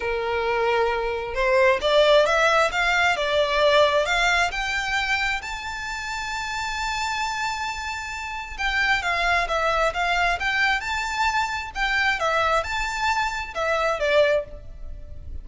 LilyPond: \new Staff \with { instrumentName = "violin" } { \time 4/4 \tempo 4 = 133 ais'2. c''4 | d''4 e''4 f''4 d''4~ | d''4 f''4 g''2 | a''1~ |
a''2. g''4 | f''4 e''4 f''4 g''4 | a''2 g''4 e''4 | a''2 e''4 d''4 | }